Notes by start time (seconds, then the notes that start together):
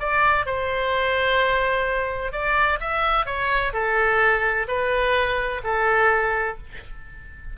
0.00 D5
0.46 C5
2.32 D5
2.80 E5
3.26 C#5
3.73 A4
4.68 B4
5.64 A4